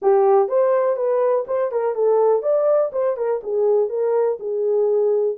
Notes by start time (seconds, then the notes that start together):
0.01 G4
0.48 C5
0.96 B4
1.47 C5
1.71 A#4
1.94 A4
2.42 D5
2.92 C5
3.16 A#4
3.43 G#4
3.89 A#4
4.39 G#4